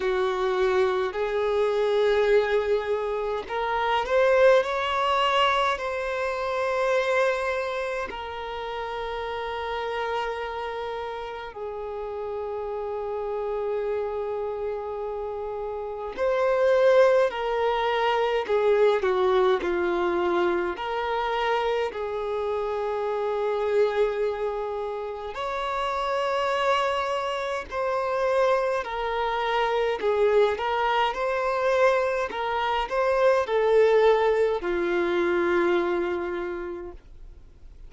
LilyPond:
\new Staff \with { instrumentName = "violin" } { \time 4/4 \tempo 4 = 52 fis'4 gis'2 ais'8 c''8 | cis''4 c''2 ais'4~ | ais'2 gis'2~ | gis'2 c''4 ais'4 |
gis'8 fis'8 f'4 ais'4 gis'4~ | gis'2 cis''2 | c''4 ais'4 gis'8 ais'8 c''4 | ais'8 c''8 a'4 f'2 | }